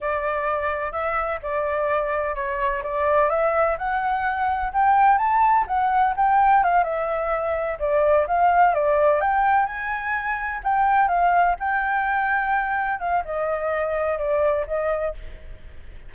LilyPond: \new Staff \with { instrumentName = "flute" } { \time 4/4 \tempo 4 = 127 d''2 e''4 d''4~ | d''4 cis''4 d''4 e''4 | fis''2 g''4 a''4 | fis''4 g''4 f''8 e''4.~ |
e''8 d''4 f''4 d''4 g''8~ | g''8 gis''2 g''4 f''8~ | f''8 g''2. f''8 | dis''2 d''4 dis''4 | }